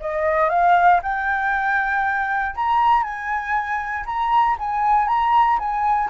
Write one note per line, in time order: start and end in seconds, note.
0.00 0.49 D#5
0.49 1.00 F5
1.02 2.55 G5
2.55 3.03 A#5
3.03 4.04 G#5
4.06 4.56 A#5
4.59 5.07 G#5
5.07 5.58 A#5
5.59 6.09 G#5